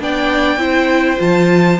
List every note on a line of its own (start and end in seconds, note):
0.00 0.57 B3
0.00 0.58 D4
0.00 0.61 D5
0.00 1.21 G5
0.57 1.17 C4
0.57 1.17 E4
0.57 1.80 C5
1.17 1.80 F3
1.17 1.77 F4
1.17 1.80 A5